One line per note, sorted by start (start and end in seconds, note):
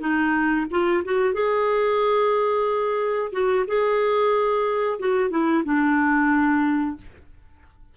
0.00 0.66 D#4
0.70 1.03 F4
1.04 1.33 F#4
1.33 3.31 G#4
3.32 3.65 F#4
3.67 4.99 G#4
4.99 5.30 F#4
5.30 5.63 E4
5.64 6.96 D4